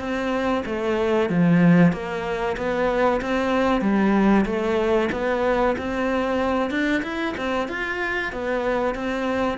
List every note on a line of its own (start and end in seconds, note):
0.00 0.64 C4
0.66 1.30 A3
1.30 1.93 F3
1.93 2.57 A#3
2.57 3.21 B3
3.21 3.82 C4
3.82 4.45 G3
4.46 5.10 A3
5.12 5.76 B3
5.78 6.71 C4
6.71 7.03 D4
7.03 7.35 E4
7.38 7.69 C4
7.69 8.33 F4
8.33 8.95 B3
8.95 9.58 C4